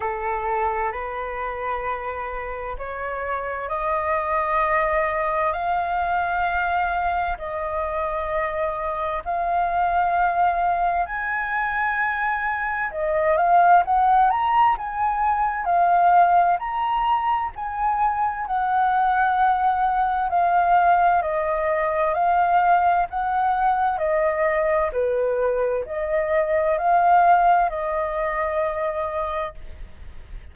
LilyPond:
\new Staff \with { instrumentName = "flute" } { \time 4/4 \tempo 4 = 65 a'4 b'2 cis''4 | dis''2 f''2 | dis''2 f''2 | gis''2 dis''8 f''8 fis''8 ais''8 |
gis''4 f''4 ais''4 gis''4 | fis''2 f''4 dis''4 | f''4 fis''4 dis''4 b'4 | dis''4 f''4 dis''2 | }